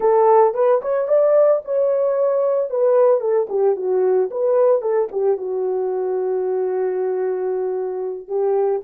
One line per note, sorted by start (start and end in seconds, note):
0.00 0.54 A4
0.54 0.80 B4
0.81 1.07 C#5
1.07 1.61 D5
1.64 2.70 C#5
2.70 3.20 B4
3.20 3.47 A4
3.49 3.75 G4
3.76 4.29 F#4
4.31 4.81 B4
4.81 5.08 A4
5.11 5.37 G4
5.37 8.27 F#4
8.27 8.81 G4